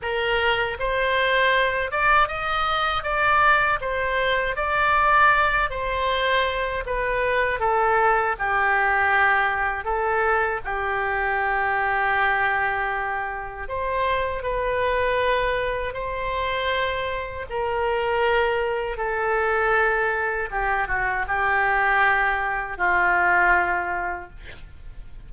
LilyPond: \new Staff \with { instrumentName = "oboe" } { \time 4/4 \tempo 4 = 79 ais'4 c''4. d''8 dis''4 | d''4 c''4 d''4. c''8~ | c''4 b'4 a'4 g'4~ | g'4 a'4 g'2~ |
g'2 c''4 b'4~ | b'4 c''2 ais'4~ | ais'4 a'2 g'8 fis'8 | g'2 f'2 | }